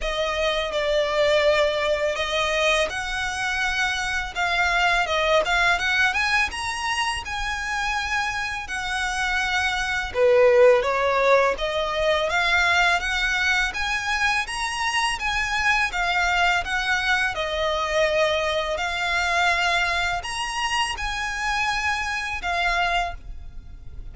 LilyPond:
\new Staff \with { instrumentName = "violin" } { \time 4/4 \tempo 4 = 83 dis''4 d''2 dis''4 | fis''2 f''4 dis''8 f''8 | fis''8 gis''8 ais''4 gis''2 | fis''2 b'4 cis''4 |
dis''4 f''4 fis''4 gis''4 | ais''4 gis''4 f''4 fis''4 | dis''2 f''2 | ais''4 gis''2 f''4 | }